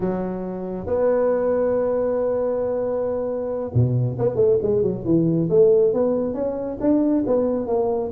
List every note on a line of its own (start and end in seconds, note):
0.00 0.86 F#3
0.86 3.71 B3
3.74 4.17 B2
4.18 4.35 B3
4.35 4.57 A3
4.62 4.82 G#3
4.82 5.04 F#3
5.04 5.48 E3
5.49 5.93 A3
5.93 6.34 B3
6.34 6.77 C#4
6.80 7.24 D4
7.26 7.66 B3
7.66 8.10 A#3